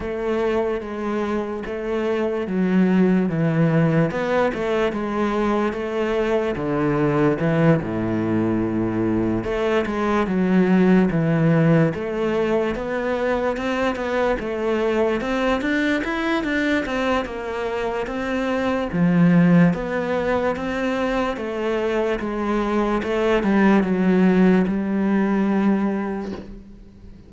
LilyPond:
\new Staff \with { instrumentName = "cello" } { \time 4/4 \tempo 4 = 73 a4 gis4 a4 fis4 | e4 b8 a8 gis4 a4 | d4 e8 a,2 a8 | gis8 fis4 e4 a4 b8~ |
b8 c'8 b8 a4 c'8 d'8 e'8 | d'8 c'8 ais4 c'4 f4 | b4 c'4 a4 gis4 | a8 g8 fis4 g2 | }